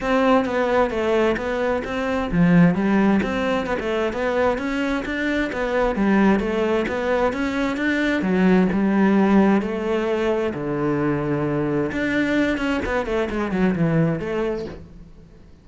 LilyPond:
\new Staff \with { instrumentName = "cello" } { \time 4/4 \tempo 4 = 131 c'4 b4 a4 b4 | c'4 f4 g4 c'4 | b16 a8. b4 cis'4 d'4 | b4 g4 a4 b4 |
cis'4 d'4 fis4 g4~ | g4 a2 d4~ | d2 d'4. cis'8 | b8 a8 gis8 fis8 e4 a4 | }